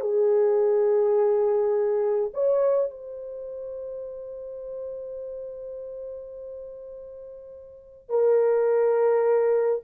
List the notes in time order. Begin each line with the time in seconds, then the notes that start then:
0.00 G#4
2.33 C#5
2.90 C5
8.09 A#4